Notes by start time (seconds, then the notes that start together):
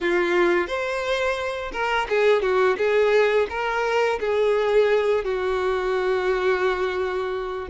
0.00 F4
0.67 C5
1.72 A#4
2.09 G#4
2.42 F#4
2.77 G#4
3.49 A#4
4.20 G#4
5.24 F#4